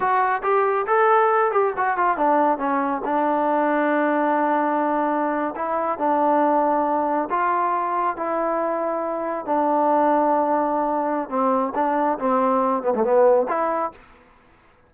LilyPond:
\new Staff \with { instrumentName = "trombone" } { \time 4/4 \tempo 4 = 138 fis'4 g'4 a'4. g'8 | fis'8 f'8 d'4 cis'4 d'4~ | d'1~ | d'8. e'4 d'2~ d'16~ |
d'8. f'2 e'4~ e'16~ | e'4.~ e'16 d'2~ d'16~ | d'2 c'4 d'4 | c'4. b16 a16 b4 e'4 | }